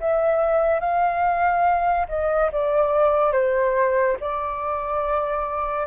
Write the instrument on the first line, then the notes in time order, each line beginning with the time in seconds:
flute
0.00 E5
0.80 F5
2.09 D#5
2.52 D5
3.33 C5
4.21 D5